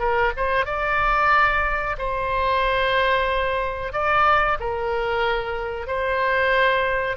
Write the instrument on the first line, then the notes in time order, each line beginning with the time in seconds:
oboe
0.00 A#4
0.37 C5
0.66 D5
1.98 C5
3.93 D5
4.60 A#4
5.88 C5